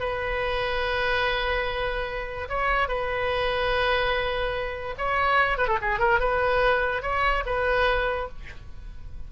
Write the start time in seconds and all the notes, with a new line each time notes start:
0.00 B4
2.49 C#5
2.88 B4
4.98 C#5
5.58 B4
5.68 A4
5.81 G#4
5.99 A#4
6.20 B4
7.02 C#5
7.46 B4